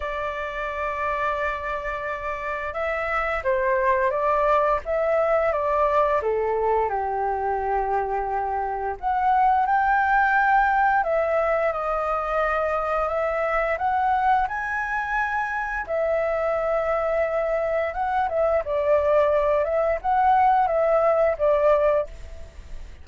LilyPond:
\new Staff \with { instrumentName = "flute" } { \time 4/4 \tempo 4 = 87 d''1 | e''4 c''4 d''4 e''4 | d''4 a'4 g'2~ | g'4 fis''4 g''2 |
e''4 dis''2 e''4 | fis''4 gis''2 e''4~ | e''2 fis''8 e''8 d''4~ | d''8 e''8 fis''4 e''4 d''4 | }